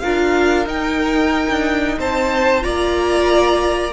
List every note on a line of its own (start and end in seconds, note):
0.00 0.66 D4
0.00 0.66 F4
0.00 1.99 A#4
0.00 0.65 F5
0.66 2.62 D#4
0.66 1.48 D#4
0.66 1.99 G5
1.49 1.98 D4
1.99 2.64 C4
1.99 2.64 C5
1.99 2.63 A5
2.62 3.93 A#3
2.62 3.92 F4
2.62 3.93 D5
2.62 3.93 A#5